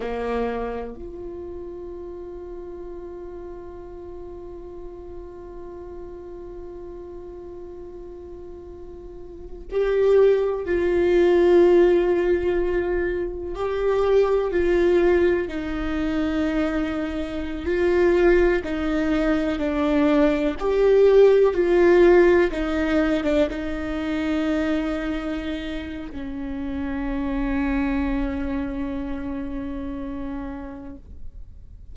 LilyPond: \new Staff \with { instrumentName = "viola" } { \time 4/4 \tempo 4 = 62 ais4 f'2.~ | f'1~ | f'2 g'4 f'4~ | f'2 g'4 f'4 |
dis'2~ dis'16 f'4 dis'8.~ | dis'16 d'4 g'4 f'4 dis'8. | d'16 dis'2~ dis'8. cis'4~ | cis'1 | }